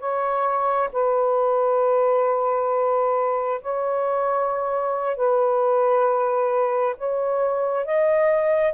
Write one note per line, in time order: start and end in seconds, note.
0.00 0.90 C#5
0.93 3.61 B4
3.62 5.17 C#5
5.17 6.96 B4
6.97 7.86 C#5
7.86 8.74 D#5